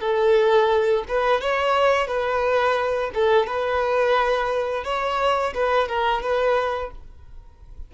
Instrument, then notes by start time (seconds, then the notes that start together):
violin
0.00 A4
1.08 B4
1.41 C#5
2.07 B4
3.14 A4
3.46 B4
4.84 C#5
5.54 B4
5.88 A#4
6.22 B4